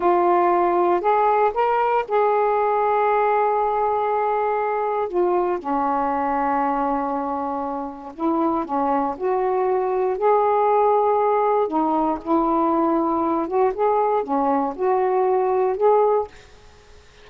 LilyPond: \new Staff \with { instrumentName = "saxophone" } { \time 4/4 \tempo 4 = 118 f'2 gis'4 ais'4 | gis'1~ | gis'2 f'4 cis'4~ | cis'1 |
e'4 cis'4 fis'2 | gis'2. dis'4 | e'2~ e'8 fis'8 gis'4 | cis'4 fis'2 gis'4 | }